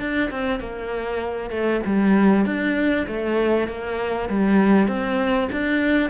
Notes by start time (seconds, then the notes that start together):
0.00 D4
0.31 C4
0.60 A#3
1.51 A3
1.86 G3
2.46 D4
3.08 A3
3.68 A#3
4.29 G3
4.88 C4
5.52 D4